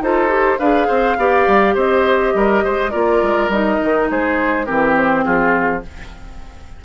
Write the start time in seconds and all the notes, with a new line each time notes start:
0.00 D#4 F4 A4 C5
0.28 G4
0.58 D4 G#4 B4 F5
0.87 C4 C5
1.17 B3 G4 D5
1.47 G3
1.74 C4 C5 D#5
2.34 G3 A#4
2.64 G#3 C5
2.91 A#3 F4 A#4 D5
3.22 G#3
3.48 G3 D#4 D#5
3.83 D#3
4.10 G#3 G#4 C5
4.65 E3 C4 G4 A#4
4.96 C5
5.24 F3 F4 G#4